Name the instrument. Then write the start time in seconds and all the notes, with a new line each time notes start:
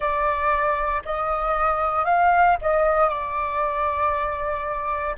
flute
0.00 D5
1.05 D#5
2.05 F5
2.61 D#5
3.08 D5